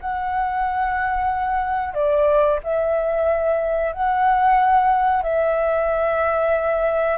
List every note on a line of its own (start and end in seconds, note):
0.00 1.94 F#5
1.94 2.59 D5
2.64 3.92 E5
3.92 5.23 F#5
5.23 7.17 E5